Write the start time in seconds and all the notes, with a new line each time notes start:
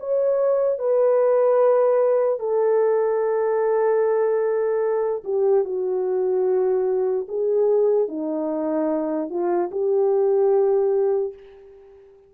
0.00 C#5
0.79 B4
2.40 A4
5.24 G4
5.65 F#4
7.29 G#4
8.08 D#4
9.30 F4
9.71 G4